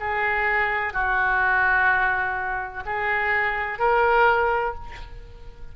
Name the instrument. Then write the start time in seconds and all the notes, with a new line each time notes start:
oboe
0.00 G#4
0.93 F#4
2.86 G#4
3.79 A#4